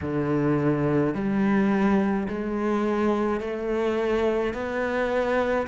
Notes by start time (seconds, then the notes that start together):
0.01 D3
1.14 G3
2.28 G#3
3.40 A3
4.53 B3